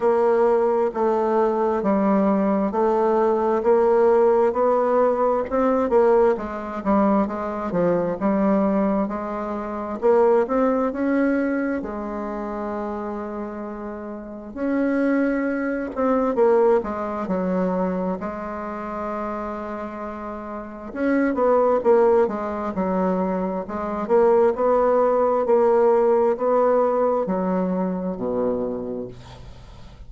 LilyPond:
\new Staff \with { instrumentName = "bassoon" } { \time 4/4 \tempo 4 = 66 ais4 a4 g4 a4 | ais4 b4 c'8 ais8 gis8 g8 | gis8 f8 g4 gis4 ais8 c'8 | cis'4 gis2. |
cis'4. c'8 ais8 gis8 fis4 | gis2. cis'8 b8 | ais8 gis8 fis4 gis8 ais8 b4 | ais4 b4 fis4 b,4 | }